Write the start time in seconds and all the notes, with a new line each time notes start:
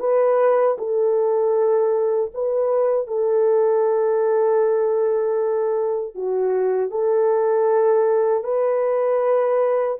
0.00 B4
0.78 A4
2.34 B4
3.07 A4
6.15 F#4
6.91 A4
8.44 B4